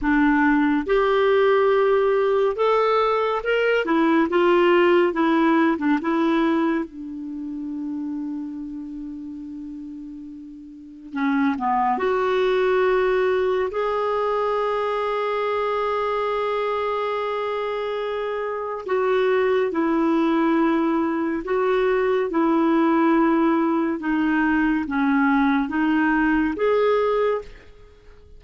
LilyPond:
\new Staff \with { instrumentName = "clarinet" } { \time 4/4 \tempo 4 = 70 d'4 g'2 a'4 | ais'8 e'8 f'4 e'8. d'16 e'4 | d'1~ | d'4 cis'8 b8 fis'2 |
gis'1~ | gis'2 fis'4 e'4~ | e'4 fis'4 e'2 | dis'4 cis'4 dis'4 gis'4 | }